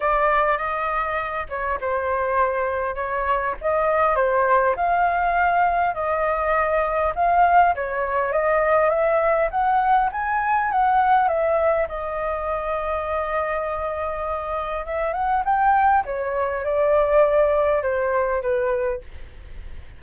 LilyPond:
\new Staff \with { instrumentName = "flute" } { \time 4/4 \tempo 4 = 101 d''4 dis''4. cis''8 c''4~ | c''4 cis''4 dis''4 c''4 | f''2 dis''2 | f''4 cis''4 dis''4 e''4 |
fis''4 gis''4 fis''4 e''4 | dis''1~ | dis''4 e''8 fis''8 g''4 cis''4 | d''2 c''4 b'4 | }